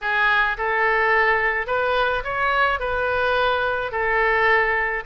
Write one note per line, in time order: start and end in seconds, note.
0.01 0.57 G#4
0.57 1.67 A4
1.67 2.23 B4
2.24 2.79 C#5
2.79 3.91 B4
3.91 5.03 A4